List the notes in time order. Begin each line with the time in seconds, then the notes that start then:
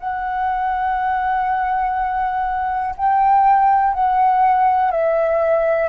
0.00 F#5
2.97 G5
3.94 F#5
4.92 E5